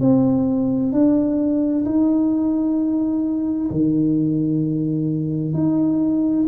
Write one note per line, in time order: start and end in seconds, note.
0.00 0.92 C4
0.93 1.85 D4
1.85 3.70 D#4
3.70 5.54 D#3
5.54 6.46 D#4